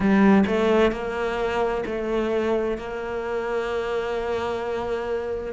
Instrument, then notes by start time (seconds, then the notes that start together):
cello
0.00 G3
0.46 A3
0.91 A#3
1.85 A3
2.77 A#3